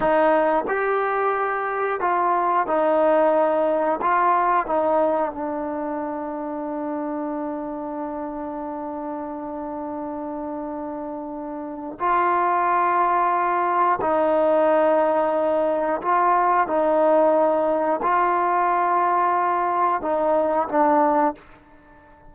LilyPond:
\new Staff \with { instrumentName = "trombone" } { \time 4/4 \tempo 4 = 90 dis'4 g'2 f'4 | dis'2 f'4 dis'4 | d'1~ | d'1~ |
d'2 f'2~ | f'4 dis'2. | f'4 dis'2 f'4~ | f'2 dis'4 d'4 | }